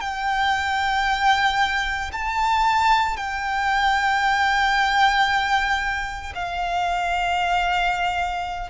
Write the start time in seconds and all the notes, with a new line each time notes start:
0.00 G5
2.12 A5
3.17 G5
6.34 F5